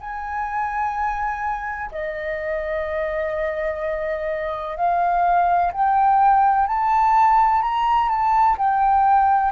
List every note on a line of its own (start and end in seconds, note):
0.00 1.90 G#5
1.91 4.76 D#5
4.76 5.71 F5
5.72 6.67 G5
6.67 7.62 A5
7.62 8.09 A#5
8.09 8.56 A5
8.57 9.52 G5